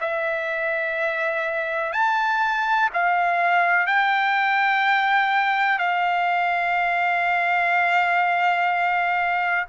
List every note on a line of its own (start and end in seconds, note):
0.00 1.93 E5
1.93 2.89 A5
2.94 3.87 F5
3.87 5.78 G5
5.78 9.66 F5